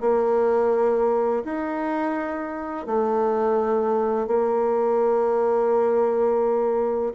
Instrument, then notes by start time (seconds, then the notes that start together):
bassoon
0.00 A#3
1.44 D#4
2.86 A3
4.27 A#3